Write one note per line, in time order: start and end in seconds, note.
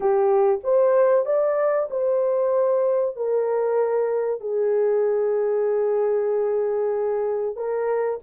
0.00 0.60 G4
0.63 1.25 C5
1.25 1.88 D5
1.90 3.16 C5
3.16 4.40 A#4
4.40 7.56 G#4
7.56 8.19 A#4